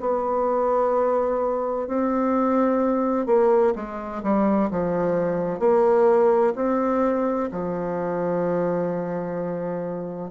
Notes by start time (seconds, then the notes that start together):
0.00 B3
1.87 C4
3.26 A#3
3.75 G#3
4.23 G3
4.70 F3
5.59 A#3
6.55 C4
7.51 F3